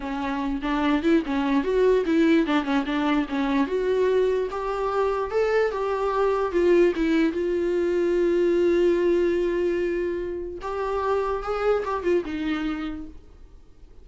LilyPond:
\new Staff \with { instrumentName = "viola" } { \time 4/4 \tempo 4 = 147 cis'4. d'4 e'8 cis'4 | fis'4 e'4 d'8 cis'8 d'4 | cis'4 fis'2 g'4~ | g'4 a'4 g'2 |
f'4 e'4 f'2~ | f'1~ | f'2 g'2 | gis'4 g'8 f'8 dis'2 | }